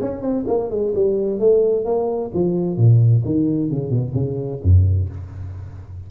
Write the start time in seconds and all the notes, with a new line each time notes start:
0.00 C#4
0.21 C4
0.47 A#3
0.70 G#3
0.94 G3
1.39 A3
1.84 A#3
2.33 F3
2.77 A#2
3.25 D#3
3.70 C#3
3.90 B2
4.13 C#3
4.63 F#2